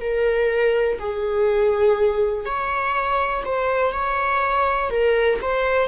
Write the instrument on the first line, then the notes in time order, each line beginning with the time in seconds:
viola
0.00 A#4
0.99 G#4
2.45 C#5
3.45 C5
3.92 C#5
4.90 A#4
5.41 C5